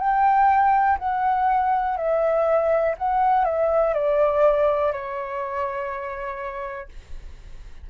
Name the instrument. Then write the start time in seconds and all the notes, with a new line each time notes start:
flute
0.00 G5
0.99 F#5
1.97 E5
2.98 F#5
3.45 E5
3.94 D5
4.92 C#5